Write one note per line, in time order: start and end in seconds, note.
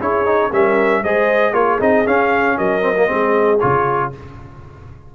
0.00 0.51 C#4
0.00 0.26 E4
0.00 0.51 G#4
0.00 0.53 C#5
0.26 0.51 D#4
0.52 1.03 G3
0.52 1.04 C#4
0.52 1.03 A#4
0.52 1.04 E5
1.03 1.53 G#3
1.03 1.54 G#4
1.03 1.55 C5
1.03 1.54 D#5
1.53 1.79 A#3
1.53 1.79 F4
1.53 2.58 G#4
1.53 1.80 C#5
1.80 2.06 C4
1.80 2.06 D#4
1.80 2.07 D#5
2.06 2.81 C#4
2.06 2.58 C#4
2.06 2.58 F5
2.58 3.10 F#3
2.58 3.07 A#4
2.58 3.59 D#5
2.81 2.94 C4
2.97 3.07 A#3
3.07 3.63 G#3
3.07 3.58 C4
3.07 4.10 G#4
3.59 4.15 C#3
3.59 4.12 F4
3.59 4.11 C#5